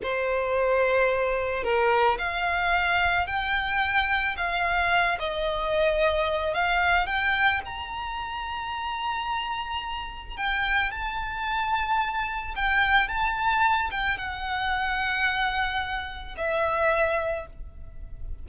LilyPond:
\new Staff \with { instrumentName = "violin" } { \time 4/4 \tempo 4 = 110 c''2. ais'4 | f''2 g''2 | f''4. dis''2~ dis''8 | f''4 g''4 ais''2~ |
ais''2. g''4 | a''2. g''4 | a''4. g''8 fis''2~ | fis''2 e''2 | }